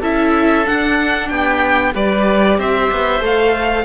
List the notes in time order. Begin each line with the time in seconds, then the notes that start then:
0.00 C#4 E4 A4 E5
0.65 D4 F#5
1.28 B3 G4 G5
1.94 G3 G4 B4 D5
2.58 C4 C5 E5
2.91 B3
3.20 A3 A4 F5